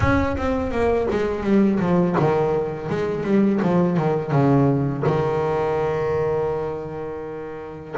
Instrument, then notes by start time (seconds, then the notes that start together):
double bass
0.00 C#4
0.36 C4
0.71 A#3
1.10 G#3
1.43 G3
1.79 F3
2.19 D#3
2.89 G#3
3.23 G3
3.62 F3
3.97 D#3
4.31 C#3
5.06 D#3